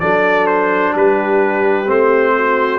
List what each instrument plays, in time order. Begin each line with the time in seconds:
0.00 tuba F#3, trombone D4, horn A4, trumpet D5
0.47 trumpet C5
0.93 tuba G3, horn G4, trumpet B4
1.86 tuba A3, trombone C4, trumpet C5
2.36 horn F#4